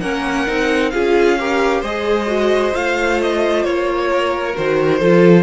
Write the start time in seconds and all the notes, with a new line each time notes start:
0.00 A#3 C#4 A#4 F#5
0.47 C4 D#4
0.90 C#4 F4 G#4 F5
1.39 G4 A#4
1.80 G#3 G#4 C5 D#5
2.27 F#4
2.72 A3 F4 F5
3.23 D#5
3.64 A#3 C#5
4.11 A#4
4.55 D#3 F#4 C5
5.00 F3 F4 A4